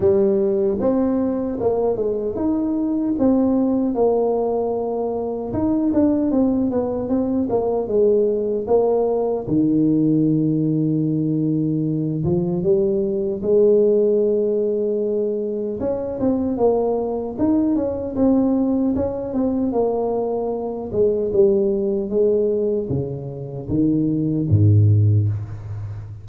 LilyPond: \new Staff \with { instrumentName = "tuba" } { \time 4/4 \tempo 4 = 76 g4 c'4 ais8 gis8 dis'4 | c'4 ais2 dis'8 d'8 | c'8 b8 c'8 ais8 gis4 ais4 | dis2.~ dis8 f8 |
g4 gis2. | cis'8 c'8 ais4 dis'8 cis'8 c'4 | cis'8 c'8 ais4. gis8 g4 | gis4 cis4 dis4 gis,4 | }